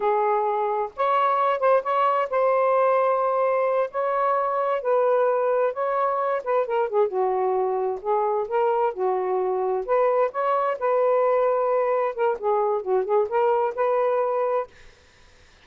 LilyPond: \new Staff \with { instrumentName = "saxophone" } { \time 4/4 \tempo 4 = 131 gis'2 cis''4. c''8 | cis''4 c''2.~ | c''8 cis''2 b'4.~ | b'8 cis''4. b'8 ais'8 gis'8 fis'8~ |
fis'4. gis'4 ais'4 fis'8~ | fis'4. b'4 cis''4 b'8~ | b'2~ b'8 ais'8 gis'4 | fis'8 gis'8 ais'4 b'2 | }